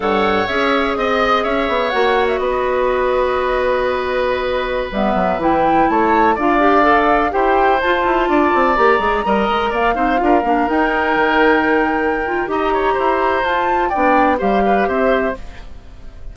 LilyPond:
<<
  \new Staff \with { instrumentName = "flute" } { \time 4/4 \tempo 4 = 125 fis''4 e''4 dis''4 e''4 | fis''8. e''16 dis''2.~ | dis''2~ dis''16 e''4 g''8.~ | g''16 a''4 f''2 g''8.~ |
g''16 a''2 ais''4.~ ais''16~ | ais''16 f''2 g''4.~ g''16~ | g''2 ais''2 | a''4 g''4 f''4 e''4 | }
  \new Staff \with { instrumentName = "oboe" } { \time 4/4 cis''2 dis''4 cis''4~ | cis''4 b'2.~ | b'1~ | b'16 cis''4 d''2 c''8.~ |
c''4~ c''16 d''2 dis''8.~ | dis''16 d''8 c''8 ais'2~ ais'8.~ | ais'2 dis''8 cis''8 c''4~ | c''4 d''4 c''8 b'8 c''4 | }
  \new Staff \with { instrumentName = "clarinet" } { \time 4/4 a'4 gis'2. | fis'1~ | fis'2~ fis'16 b4 e'8.~ | e'4~ e'16 f'8 g'8 a'4 g'8.~ |
g'16 f'2 g'8 gis'8 ais'8.~ | ais'8. dis'8 f'8 d'8 dis'4.~ dis'16~ | dis'4. f'8 g'2 | f'4 d'4 g'2 | }
  \new Staff \with { instrumentName = "bassoon" } { \time 4/4 g,4 cis'4 c'4 cis'8 b8 | ais4 b2.~ | b2~ b16 g8 fis8 e8.~ | e16 a4 d'2 e'8.~ |
e'16 f'8 e'8 d'8 c'8 ais8 gis8 g8 gis16~ | gis16 ais8 c'8 d'8 ais8 dis'4 dis8.~ | dis2 dis'4 e'4 | f'4 b4 g4 c'4 | }
>>